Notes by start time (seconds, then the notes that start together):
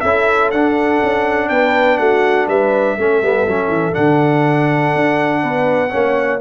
0.00 C#4 E4 A4 E5
0.51 D4 F#5
1.03 C#4
1.49 B3 B4 G5
1.97 A3 F#4 F#5
2.47 G3 B4 E5
2.97 A3 C#4 A4
3.22 G3 B3
3.47 F#3 C#4
3.67 E3
3.92 D3 D4 F#5
4.95 D4
5.42 B3 B4
5.89 A#3 C#4 C#5